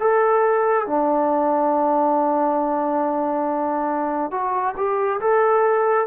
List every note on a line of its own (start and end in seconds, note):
0.00 0.87 A4
0.87 4.31 D4
4.31 4.75 F#4
4.77 5.20 G4
5.21 6.07 A4